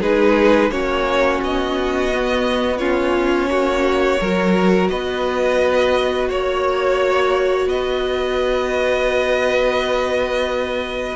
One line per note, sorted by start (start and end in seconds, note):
0.00 0.71 G#3
0.00 0.71 D#4
0.00 0.70 G#4
0.00 0.70 B4
0.70 1.40 A#3
0.70 2.10 C#4
0.70 2.78 F#4
0.70 1.40 C#5
1.42 3.47 B3
1.42 2.77 D#5
2.12 2.79 B3
2.77 4.19 C#4
2.77 3.48 F4
2.77 4.87 C#5
3.47 4.17 A#3
3.47 4.20 F#4
4.20 4.89 F#3
4.20 11.15 F#4
4.20 4.90 A#4
4.88 6.29 B3
4.88 6.28 B4
4.88 6.28 D#5
6.28 7.66 A#3
6.28 7.68 C#5
6.28 7.69 C#5
7.66 11.15 B3
7.66 11.15 D#5
7.73 11.15 B4